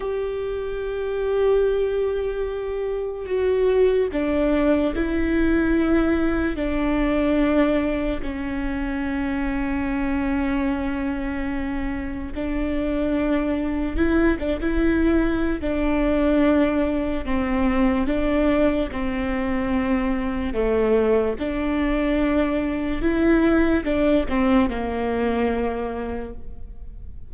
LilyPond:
\new Staff \with { instrumentName = "viola" } { \time 4/4 \tempo 4 = 73 g'1 | fis'4 d'4 e'2 | d'2 cis'2~ | cis'2. d'4~ |
d'4 e'8 d'16 e'4~ e'16 d'4~ | d'4 c'4 d'4 c'4~ | c'4 a4 d'2 | e'4 d'8 c'8 ais2 | }